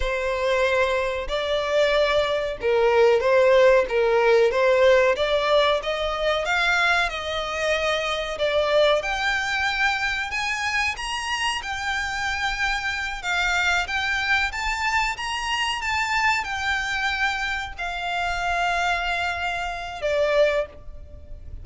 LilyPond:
\new Staff \with { instrumentName = "violin" } { \time 4/4 \tempo 4 = 93 c''2 d''2 | ais'4 c''4 ais'4 c''4 | d''4 dis''4 f''4 dis''4~ | dis''4 d''4 g''2 |
gis''4 ais''4 g''2~ | g''8 f''4 g''4 a''4 ais''8~ | ais''8 a''4 g''2 f''8~ | f''2. d''4 | }